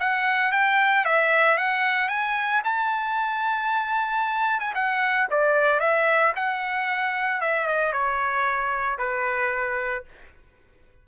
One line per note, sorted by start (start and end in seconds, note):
0.00 0.52 F#5
0.52 1.05 G5
1.05 1.58 E5
1.58 2.09 F#5
2.09 2.62 G#5
2.64 4.60 A5
4.60 4.74 G#5
4.74 5.28 F#5
5.31 5.80 D5
5.80 6.33 E5
6.36 7.41 F#5
7.41 7.67 E5
7.67 7.93 D#5
7.93 8.98 C#5
8.98 10.05 B4